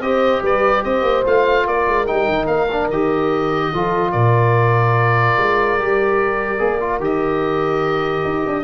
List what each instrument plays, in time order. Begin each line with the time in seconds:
0.00 tuba C4, trombone G4, horn C5, oboe D#5
0.42 tuba G3, horn B4, oboe D5
0.83 tuba C4, horn C5, oboe D#5
1.02 tuba A#3
1.25 tuba A3, trombone F4, oboe F5
1.66 tuba A#3, horn A#4, oboe D5
1.87 tuba G#3
2.06 tuba G3, trombone D#4, oboe G5
2.28 tuba D#3
2.46 tuba A#3, oboe F5
2.72 trombone D4
2.89 tuba D#3, trombone G4, oboe D#5
3.73 tuba F3, trombone F4, horn A4
4.12 tuba A#2, horn A#4, oboe D5
5.38 tuba G#3
5.78 tuba G3, trombone G4
6.58 tuba A#3, trombone G#4
6.80 trombone F4
6.99 tuba D#3, trombone G4, oboe D#5
8.24 tuba D#4
8.47 tuba D4